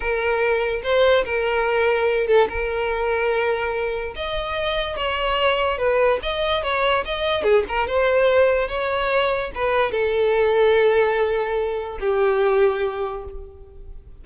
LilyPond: \new Staff \with { instrumentName = "violin" } { \time 4/4 \tempo 4 = 145 ais'2 c''4 ais'4~ | ais'4. a'8 ais'2~ | ais'2 dis''2 | cis''2 b'4 dis''4 |
cis''4 dis''4 gis'8 ais'8 c''4~ | c''4 cis''2 b'4 | a'1~ | a'4 g'2. | }